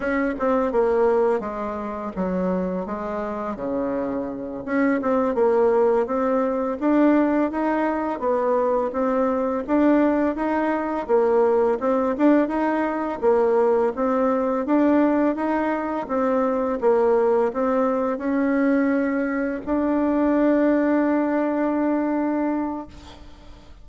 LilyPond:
\new Staff \with { instrumentName = "bassoon" } { \time 4/4 \tempo 4 = 84 cis'8 c'8 ais4 gis4 fis4 | gis4 cis4. cis'8 c'8 ais8~ | ais8 c'4 d'4 dis'4 b8~ | b8 c'4 d'4 dis'4 ais8~ |
ais8 c'8 d'8 dis'4 ais4 c'8~ | c'8 d'4 dis'4 c'4 ais8~ | ais8 c'4 cis'2 d'8~ | d'1 | }